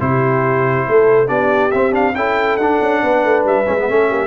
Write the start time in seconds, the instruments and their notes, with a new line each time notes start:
0.00 tuba C3, trombone E4, horn G4, trumpet C5
0.86 tuba A3, horn A4
1.27 tuba B3, trombone D4, horn G4, trumpet D5
1.71 tuba C4, trombone C4, trumpet E5
1.91 trombone D4, trumpet F5
2.15 tuba C#4, trombone E4, horn A4, trumpet G5
2.57 tuba D4, trombone D4, trumpet F#5
2.81 tuba C#4
3.02 tuba B3, horn B4
3.24 tuba A3
3.44 tuba G3, trumpet E5
3.66 tuba G#3, trombone C#4
3.79 trombone B3
3.89 tuba A3, trombone C#4, horn A4
4.09 tuba A#3, horn G4